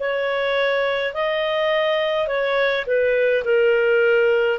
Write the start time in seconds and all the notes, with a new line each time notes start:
0.00 C#5
1.14 D#5
2.28 C#5
2.86 B4
3.45 A#4